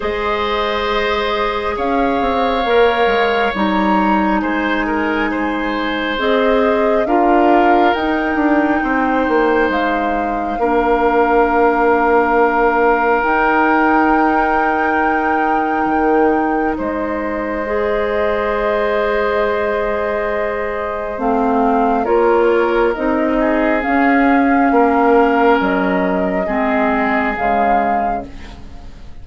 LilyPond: <<
  \new Staff \with { instrumentName = "flute" } { \time 4/4 \tempo 4 = 68 dis''2 f''2 | ais''4 gis''2 dis''4 | f''4 g''2 f''4~ | f''2. g''4~ |
g''2. dis''4~ | dis''1 | f''4 cis''4 dis''4 f''4~ | f''4 dis''2 f''4 | }
  \new Staff \with { instrumentName = "oboe" } { \time 4/4 c''2 cis''2~ | cis''4 c''8 ais'8 c''2 | ais'2 c''2 | ais'1~ |
ais'2. c''4~ | c''1~ | c''4 ais'4. gis'4. | ais'2 gis'2 | }
  \new Staff \with { instrumentName = "clarinet" } { \time 4/4 gis'2. ais'4 | dis'2. gis'4 | f'4 dis'2. | d'2. dis'4~ |
dis'1 | gis'1 | c'4 f'4 dis'4 cis'4~ | cis'2 c'4 gis4 | }
  \new Staff \with { instrumentName = "bassoon" } { \time 4/4 gis2 cis'8 c'8 ais8 gis8 | g4 gis2 c'4 | d'4 dis'8 d'8 c'8 ais8 gis4 | ais2. dis'4~ |
dis'2 dis4 gis4~ | gis1 | a4 ais4 c'4 cis'4 | ais4 fis4 gis4 cis4 | }
>>